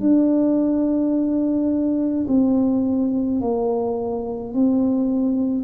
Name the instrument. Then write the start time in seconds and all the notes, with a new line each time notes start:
tuba
0.00 D4
2.28 C4
3.41 A#3
4.54 C4